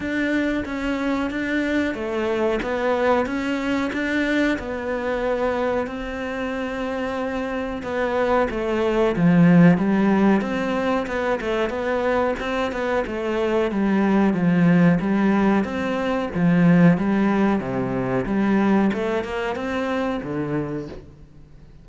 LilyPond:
\new Staff \with { instrumentName = "cello" } { \time 4/4 \tempo 4 = 92 d'4 cis'4 d'4 a4 | b4 cis'4 d'4 b4~ | b4 c'2. | b4 a4 f4 g4 |
c'4 b8 a8 b4 c'8 b8 | a4 g4 f4 g4 | c'4 f4 g4 c4 | g4 a8 ais8 c'4 d4 | }